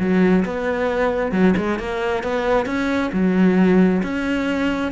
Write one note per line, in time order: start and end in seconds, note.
0.00 0.45 F#3
0.45 1.32 B3
1.32 1.54 F#3
1.57 1.79 G#3
1.79 2.24 A#3
2.24 2.66 B3
2.66 3.11 C#4
3.13 4.02 F#3
4.03 4.92 C#4